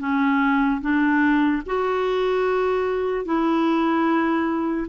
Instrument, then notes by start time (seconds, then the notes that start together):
clarinet
0.00 C#4
0.81 D4
1.66 F#4
3.25 E4